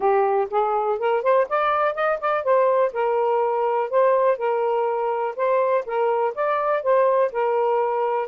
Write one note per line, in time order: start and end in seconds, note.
0.00 0.48 G4
0.50 0.98 G#4
0.98 1.22 A#4
1.22 1.47 C5
1.49 1.94 D5
1.94 2.19 D#5
2.20 2.43 D5
2.43 2.92 C5
2.93 3.90 A#4
3.90 4.37 C5
4.37 5.35 A#4
5.36 5.84 C5
5.85 6.34 A#4
6.34 6.82 D5
6.82 7.31 C5
7.31 8.28 A#4